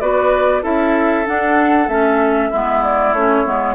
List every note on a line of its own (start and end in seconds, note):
0.00 0.63 B3
0.00 0.62 F#4
0.00 0.62 B4
0.00 0.62 D5
0.62 1.26 C#4
0.62 1.24 E4
0.62 2.49 A4
0.62 1.26 E5
1.25 1.88 D4
1.25 1.87 D4
1.25 1.89 F#5
1.87 2.50 A3
1.87 2.52 C#4
1.87 2.82 E5
2.49 3.13 G#3
2.49 3.15 B3
2.49 3.74 E4
2.83 3.14 D5
3.13 3.44 A3
3.13 3.46 C#4
3.13 3.74 C#5
3.46 3.74 G#3
3.46 3.74 B3